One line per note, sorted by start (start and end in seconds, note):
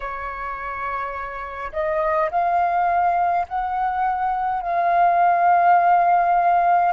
0.00 1.72 C#5
1.72 2.30 D#5
2.31 3.46 F5
3.48 4.62 F#5
4.62 6.92 F5